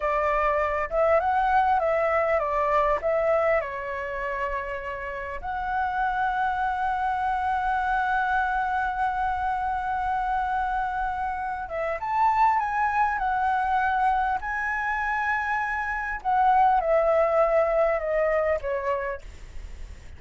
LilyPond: \new Staff \with { instrumentName = "flute" } { \time 4/4 \tempo 4 = 100 d''4. e''8 fis''4 e''4 | d''4 e''4 cis''2~ | cis''4 fis''2.~ | fis''1~ |
fis''2.~ fis''8 e''8 | a''4 gis''4 fis''2 | gis''2. fis''4 | e''2 dis''4 cis''4 | }